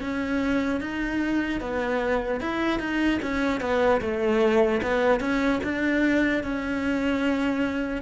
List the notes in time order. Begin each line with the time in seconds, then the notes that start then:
0.00 C#4
0.80 D#4
1.60 B3
2.40 E4
2.79 D#4
3.22 C#4
3.60 B3
4.01 A3
4.82 B3
5.20 C#4
5.63 D4
6.43 C#4